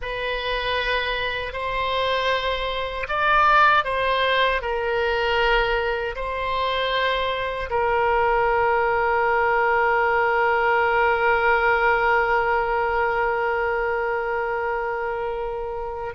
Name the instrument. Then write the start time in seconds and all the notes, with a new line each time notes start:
oboe
0.01 B4
1.52 C5
3.08 D5
3.84 C5
4.61 A#4
6.15 C5
7.70 A#4